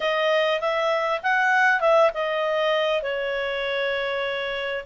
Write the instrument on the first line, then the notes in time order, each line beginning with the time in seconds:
clarinet
0.00 D#5
0.60 E5
1.23 F#5
1.80 E5
2.14 D#5
3.02 C#5